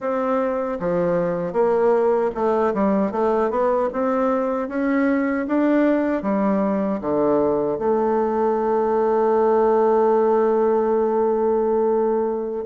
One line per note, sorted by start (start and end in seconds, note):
0.00 0.78 C4
0.79 1.52 F3
1.52 2.30 A#3
2.34 2.73 A3
2.73 3.11 G3
3.11 3.50 A3
3.50 3.89 B3
3.92 4.68 C4
4.68 5.46 C#4
5.47 6.22 D4
6.22 7.00 G3
7.00 7.78 D3
7.78 12.65 A3